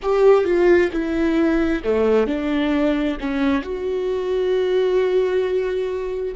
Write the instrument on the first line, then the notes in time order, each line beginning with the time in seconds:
viola
0.02 G4
0.44 F4
0.92 E4
1.83 A3
2.26 D4
3.19 C#4
3.62 F#4